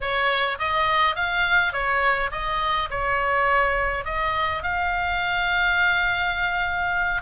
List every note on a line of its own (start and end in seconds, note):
0.00 0.58 C#5
0.58 1.15 D#5
1.15 1.73 F5
1.73 2.30 C#5
2.31 2.89 D#5
2.90 4.05 C#5
4.05 4.62 D#5
4.63 7.22 F5